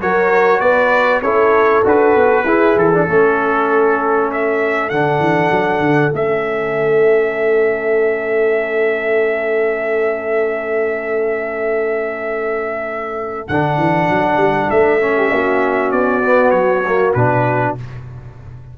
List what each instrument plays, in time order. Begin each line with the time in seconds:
0.00 tuba F#3, trombone F#4, horn A#4, trumpet C#5
0.59 tuba B3, horn B4, trumpet D5
1.21 tuba C#4, trombone E4, horn A4, trumpet C#5
1.83 tuba D4, trombone F#4, trumpet B4
2.15 tuba B3
2.44 tuba E4, trombone E4, horn G#4
2.76 tuba E3, trumpet A4
2.93 trombone D4
3.07 tuba A3, trombone C#4, horn A4
4.31 trumpet E5
4.89 tuba D3, trombone D4, trumpet F#5
5.19 tuba E3
5.50 tuba F#3
5.79 tuba D3
6.12 tuba A3, trombone C#4, trumpet E5
13.48 tuba D3, trombone D4, trumpet F#5
13.77 tuba E3
14.09 tuba F#3
14.36 tuba G3
14.70 tuba A3, trumpet E5
15.00 trombone C#4
15.15 horn G4
15.31 tuba A#3, horn F#4
15.91 tuba B3, trumpet D5
16.23 trombone B3
16.50 tuba F#3, trumpet C#5
16.86 trombone A#3
17.14 tuba B2, trombone D4, trumpet B4